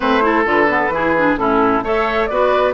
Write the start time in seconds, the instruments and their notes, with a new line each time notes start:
0.00 bassoon A3, clarinet C4, oboe B4, flute C5
0.21 clarinet E4, oboe A4
0.45 bassoon D3, clarinet F4, flute B4
0.68 clarinet B3
0.89 bassoon E3, clarinet E4, oboe G#4
1.16 clarinet D4
1.36 bassoon A2, clarinet C#4, oboe E4, flute A4
1.82 bassoon A3, clarinet A4, oboe C#5, flute E5
2.26 bassoon B3, clarinet F#4, oboe B4, flute D5